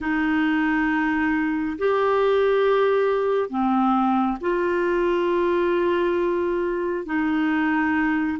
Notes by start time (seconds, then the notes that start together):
0.00 D#4
1.78 G4
3.49 C4
4.40 F4
7.05 D#4